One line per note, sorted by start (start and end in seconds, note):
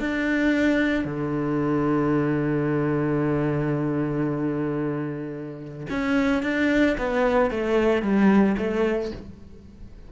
0.00 1.05 D4
1.05 5.87 D3
5.90 6.43 C#4
6.43 6.96 D4
6.98 7.51 B3
7.51 8.03 A3
8.03 8.56 G3
8.58 9.11 A3